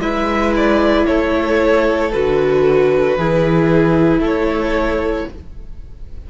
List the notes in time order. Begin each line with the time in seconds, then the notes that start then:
0.00 G#3 E4 B4 E5
0.57 D5
1.07 A3 A4 C#5
2.12 D3 F#4 B4
3.17 E3 E4 G#4
4.19 A3 A4
4.25 C#5